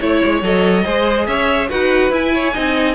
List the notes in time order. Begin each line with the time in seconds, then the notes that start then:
0.00 A3 E4 C#5
0.25 G#3
0.43 F#3 A4 D#5
0.84 G#3 G#4 C5
1.27 C#4 C#5 E5
1.70 D#4 F#4 B4 F#5
2.11 E4 G#5
2.35 C#5
2.54 C4 D#4 D#5